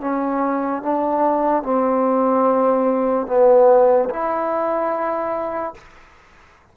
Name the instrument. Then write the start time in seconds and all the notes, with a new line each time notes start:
trombone
0.00 C#4
0.82 D4
1.63 C4
3.27 B3
4.09 E4